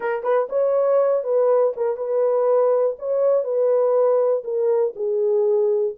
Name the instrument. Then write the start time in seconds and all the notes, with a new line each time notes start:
horn
0.00 A#4
0.23 B4
0.49 C#5
1.23 B4
1.76 A#4
1.96 B4
2.99 C#5
3.44 B4
4.44 A#4
4.95 G#4